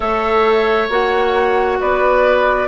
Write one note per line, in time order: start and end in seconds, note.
0.00 0.89 A3
0.00 0.88 A4
0.00 1.78 C#5
0.00 0.88 E5
0.89 1.78 A#3
0.89 2.67 F#4
0.89 1.81 F#5
1.80 2.67 B3
1.80 2.67 B4
1.80 2.67 D5